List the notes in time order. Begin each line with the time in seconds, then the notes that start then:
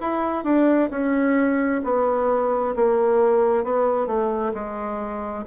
0.00 E4
0.44 D4
0.90 C#4
1.84 B3
2.75 A#3
3.64 B3
4.07 A3
4.54 G#3